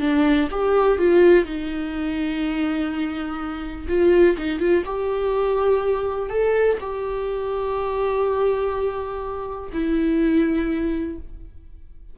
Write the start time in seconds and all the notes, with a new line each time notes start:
0.00 D4
0.51 G4
0.98 F4
1.45 D#4
3.88 F4
4.38 D#4
4.59 F4
4.86 G4
6.29 A4
6.80 G4
9.73 E4